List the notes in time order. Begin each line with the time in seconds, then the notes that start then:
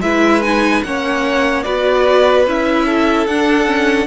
0.00 G#3 E4 B4 E5
0.42 D#4 G#5
0.83 A#3 C#4 C#5 F#5
1.62 B3 F#4 B4 D5
2.46 C#4 E4 E5
2.85 A4
3.26 D4 F#5
3.65 C#4